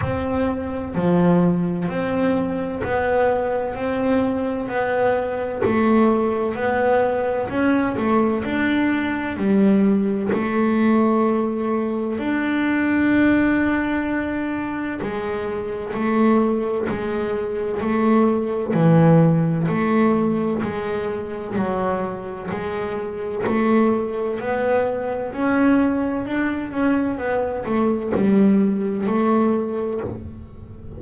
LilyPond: \new Staff \with { instrumentName = "double bass" } { \time 4/4 \tempo 4 = 64 c'4 f4 c'4 b4 | c'4 b4 a4 b4 | cis'8 a8 d'4 g4 a4~ | a4 d'2. |
gis4 a4 gis4 a4 | e4 a4 gis4 fis4 | gis4 a4 b4 cis'4 | d'8 cis'8 b8 a8 g4 a4 | }